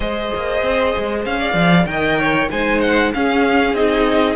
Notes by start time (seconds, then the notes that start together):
0.00 G#3 G#4 C5 D#5
0.35 A#3
0.62 C4
0.97 G#3
1.25 C#4 F5
1.39 D5
1.53 F3
1.86 D#3 A#4 D#5 G5
2.18 C#5
2.50 G#3 D#4 C5 G#5
2.80 F#5
3.13 C#4 G#4 F5
3.73 C4 D#4 D#5